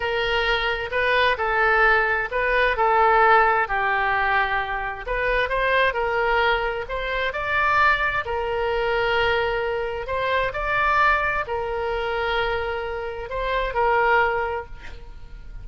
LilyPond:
\new Staff \with { instrumentName = "oboe" } { \time 4/4 \tempo 4 = 131 ais'2 b'4 a'4~ | a'4 b'4 a'2 | g'2. b'4 | c''4 ais'2 c''4 |
d''2 ais'2~ | ais'2 c''4 d''4~ | d''4 ais'2.~ | ais'4 c''4 ais'2 | }